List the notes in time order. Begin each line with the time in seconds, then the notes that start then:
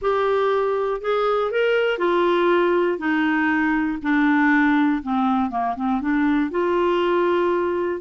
0.01 G4
1.01 G#4
1.51 A#4
1.98 F4
2.98 D#4
4.02 D4
5.02 C4
5.50 A#3
5.76 C4
6.01 D4
6.50 F4